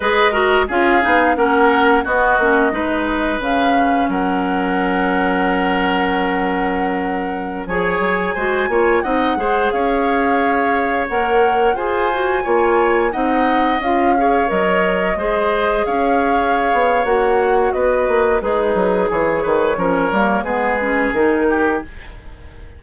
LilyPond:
<<
  \new Staff \with { instrumentName = "flute" } { \time 4/4 \tempo 4 = 88 dis''4 f''4 fis''4 dis''4~ | dis''4 f''4 fis''2~ | fis''2.~ fis''16 gis''8.~ | gis''4~ gis''16 fis''4 f''4.~ f''16~ |
f''16 fis''4 gis''2 fis''8.~ | fis''16 f''4 dis''2 f''8.~ | f''4 fis''4 dis''4 b'4 | cis''2 b'4 ais'4 | }
  \new Staff \with { instrumentName = "oboe" } { \time 4/4 b'8 ais'8 gis'4 ais'4 fis'4 | b'2 ais'2~ | ais'2.~ ais'16 cis''8.~ | cis''16 c''8 cis''8 dis''8 c''8 cis''4.~ cis''16~ |
cis''4~ cis''16 c''4 cis''4 dis''8.~ | dis''8. cis''4. c''4 cis''8.~ | cis''2 b'4 dis'4 | gis'8 b'8 ais'4 gis'4. g'8 | }
  \new Staff \with { instrumentName = "clarinet" } { \time 4/4 gis'8 fis'8 f'8 dis'8 cis'4 b8 cis'8 | dis'4 cis'2.~ | cis'2.~ cis'16 gis'8.~ | gis'16 fis'8 f'8 dis'8 gis'2~ gis'16~ |
gis'16 ais'4 gis'8 fis'8 f'4 dis'8.~ | dis'16 f'8 gis'8 ais'4 gis'4.~ gis'16~ | gis'4 fis'2 gis'4~ | gis'4 cis'8 ais8 b8 cis'8 dis'4 | }
  \new Staff \with { instrumentName = "bassoon" } { \time 4/4 gis4 cis'8 b8 ais4 b8 ais8 | gis4 cis4 fis2~ | fis2.~ fis16 f8 fis16~ | fis16 gis8 ais8 c'8 gis8 cis'4.~ cis'16~ |
cis'16 ais4 f'4 ais4 c'8.~ | c'16 cis'4 fis4 gis4 cis'8.~ | cis'8 b8 ais4 b8 ais8 gis8 fis8 | e8 dis8 f8 g8 gis4 dis4 | }
>>